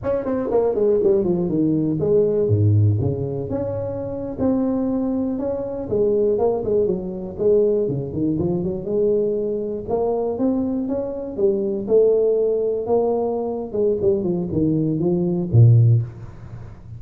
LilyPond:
\new Staff \with { instrumentName = "tuba" } { \time 4/4 \tempo 4 = 120 cis'8 c'8 ais8 gis8 g8 f8 dis4 | gis4 gis,4 cis4 cis'4~ | cis'8. c'2 cis'4 gis16~ | gis8. ais8 gis8 fis4 gis4 cis16~ |
cis16 dis8 f8 fis8 gis2 ais16~ | ais8. c'4 cis'4 g4 a16~ | a4.~ a16 ais4.~ ais16 gis8 | g8 f8 dis4 f4 ais,4 | }